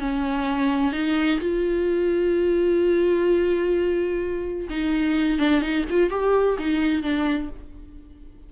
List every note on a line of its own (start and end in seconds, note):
0.00 0.93 C#4
0.93 1.40 D#4
1.40 4.68 F4
4.70 5.39 D#4
5.39 5.61 D4
5.61 5.85 D#4
5.90 6.10 F4
6.10 6.57 G4
6.58 7.02 D#4
7.02 7.49 D4